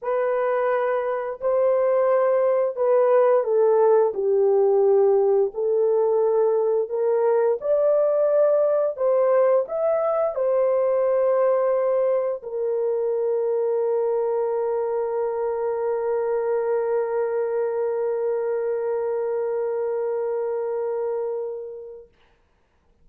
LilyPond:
\new Staff \with { instrumentName = "horn" } { \time 4/4 \tempo 4 = 87 b'2 c''2 | b'4 a'4 g'2 | a'2 ais'4 d''4~ | d''4 c''4 e''4 c''4~ |
c''2 ais'2~ | ais'1~ | ais'1~ | ais'1 | }